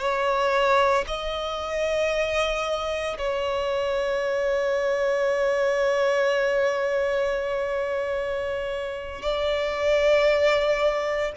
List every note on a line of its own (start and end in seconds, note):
0.00 1.05 C#5
1.07 3.18 D#5
3.18 9.22 C#5
9.22 11.33 D5